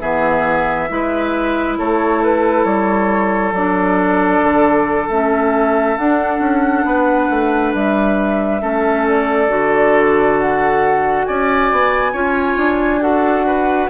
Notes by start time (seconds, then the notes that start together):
0.00 E3 B3 G#4 E5
0.88 G#3 E4 B4
1.78 A3 A4 C#5
2.23 B4
2.64 G3 C#5
3.52 F#3 D4 D5
4.42 D3
5.09 A3 C#4 E5
5.97 D4 F#5
6.40 C#4
6.85 B3 B4
7.30 A3
7.74 G3 E5
8.61 A3 C#4 A4
9.07 D5
9.49 D3 F#4
10.38 F#5
11.25 C#4 D5 G#5
11.72 B3
12.12 C#4 F4 C#5
12.57 D4
13.01 F#4 A4 F#5
13.47 B4